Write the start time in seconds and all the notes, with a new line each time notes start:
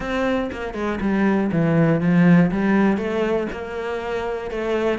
0.00 C4
0.51 A#3
0.74 G#3
1.00 G3
1.51 E3
2.00 F3
2.51 G3
2.97 A3
3.52 A#3
4.50 A3